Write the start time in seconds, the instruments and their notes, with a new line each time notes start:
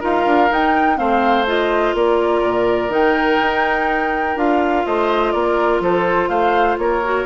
0.00 bassoon D#4, clarinet F4, oboe A#4, flute F5
0.26 bassoon D4
0.50 clarinet D#4, bassoon D#4, flute G5
0.96 bassoon A3, clarinet C4, oboe C5, flute F5
1.46 clarinet F4, flute D#5
1.94 bassoon A#3, oboe A#4, flute D5
2.43 bassoon A#2
2.89 bassoon D#3, clarinet D#4, flute G5
3.41 bassoon D#4
4.36 bassoon D4, clarinet F4, flute F5
4.86 bassoon A3, oboe C5, flute D#5
5.31 bassoon A#3, oboe A#4, flute D5
5.80 bassoon F3, oboe A4, flute C5
6.28 bassoon A3, oboe C5, flute F5
6.78 bassoon A#3, oboe A#4, flute C#5
7.04 clarinet F#4